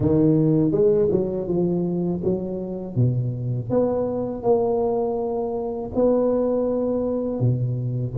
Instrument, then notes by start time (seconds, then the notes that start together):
tuba
0.00 D#3
0.71 G#3
1.11 F#3
1.47 F3
2.24 F#3
2.95 B2
3.70 B3
4.42 A#3
5.95 B3
7.39 B2